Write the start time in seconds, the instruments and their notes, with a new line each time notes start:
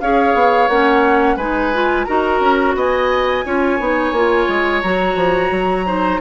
0.00 bassoon C#4, clarinet G#4, oboe C#5, flute F5
0.34 bassoon B3
0.68 bassoon A#3, clarinet C#4, flute F#5
1.36 bassoon G#3, clarinet D#4, oboe B4, flute G#5
1.73 clarinet F4
2.04 bassoon D#4, clarinet F#4, oboe A#4, flute A#5
2.40 bassoon C#4
2.75 bassoon B3, oboe D#5, flute G#5
3.45 bassoon C#4, clarinet F4, oboe C#5
3.79 bassoon B3, clarinet D#4
4.12 bassoon A#3, clarinet F4
4.48 bassoon G#3
4.82 bassoon F#3, clarinet F#4, flute A#5
5.15 bassoon F3
5.51 bassoon F#3
5.85 clarinet D#4, oboe C5